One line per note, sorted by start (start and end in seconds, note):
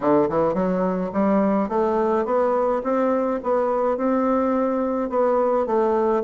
0.00 0.28 D3
0.29 0.54 E3
0.54 1.10 F#3
1.12 1.68 G3
1.68 2.25 A3
2.25 2.81 B3
2.83 3.40 C4
3.43 3.97 B3
3.97 5.09 C4
5.09 5.66 B3
5.66 6.23 A3